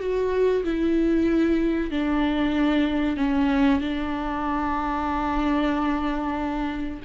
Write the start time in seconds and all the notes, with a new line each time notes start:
0.00 F#4
0.65 E4
1.91 D4
3.17 C#4
3.81 D4